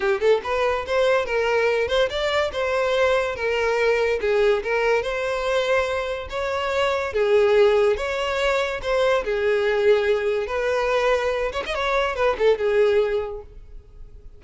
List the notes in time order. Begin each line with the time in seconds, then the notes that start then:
0.00 G4
0.20 A4
0.43 B4
0.86 C5
1.25 A#4
1.88 C5
2.09 D5
2.52 C5
3.35 A#4
4.20 G#4
4.63 A#4
5.02 C5
6.29 C#5
7.13 G#4
7.96 C#5
8.81 C5
9.24 G#4
10.47 B4
11.52 C#5
11.66 D#5
11.74 C#5
12.15 B4
12.38 A4
12.58 G#4